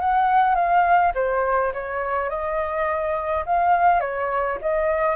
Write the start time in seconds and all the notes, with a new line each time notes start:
0.00 F#5
0.55 F5
1.15 C5
1.73 C#5
2.29 D#5
3.46 F5
4.00 C#5
4.61 D#5